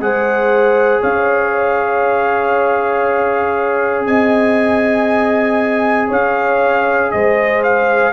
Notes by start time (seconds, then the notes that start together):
0.00 G#3 G#4 C5 F#5
1.02 C#4 C#5 F5
4.06 C4 D#5 G#5
6.08 C#4 C#5 F5
7.11 G#3 C5 D#5
7.64 F5